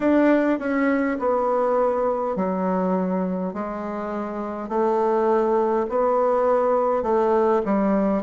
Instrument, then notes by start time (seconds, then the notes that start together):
bassoon
0.00 D4
0.59 C#4
1.19 B3
2.35 F#3
3.53 G#3
4.68 A3
5.89 B3
7.02 A3
7.65 G3